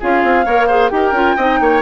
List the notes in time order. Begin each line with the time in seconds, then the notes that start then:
0.00 C#4 F4 G#4 F5
0.24 C4
0.45 A#3 A#4 C#5
0.67 G#4 C5
0.90 D#4 G4 G5
0.96 A#4
1.12 C#4 F4
1.36 C4 D#4 D#5
1.60 A#3 C#5